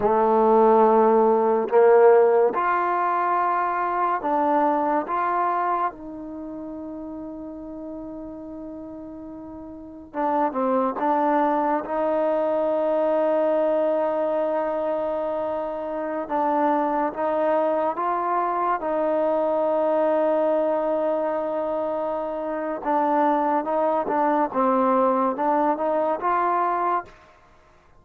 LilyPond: \new Staff \with { instrumentName = "trombone" } { \time 4/4 \tempo 4 = 71 a2 ais4 f'4~ | f'4 d'4 f'4 dis'4~ | dis'1 | d'8 c'8 d'4 dis'2~ |
dis'2.~ dis'16 d'8.~ | d'16 dis'4 f'4 dis'4.~ dis'16~ | dis'2. d'4 | dis'8 d'8 c'4 d'8 dis'8 f'4 | }